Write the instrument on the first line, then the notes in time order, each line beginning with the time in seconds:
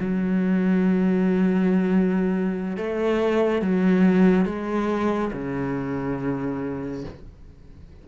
cello
0.00 F#3
2.77 A3
3.61 F#3
4.45 G#3
5.33 C#3